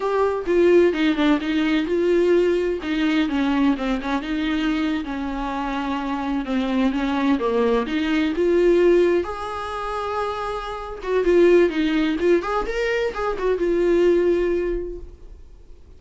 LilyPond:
\new Staff \with { instrumentName = "viola" } { \time 4/4 \tempo 4 = 128 g'4 f'4 dis'8 d'8 dis'4 | f'2 dis'4 cis'4 | c'8 cis'8 dis'4.~ dis'16 cis'4~ cis'16~ | cis'4.~ cis'16 c'4 cis'4 ais16~ |
ais8. dis'4 f'2 gis'16~ | gis'2.~ gis'8 fis'8 | f'4 dis'4 f'8 gis'8 ais'4 | gis'8 fis'8 f'2. | }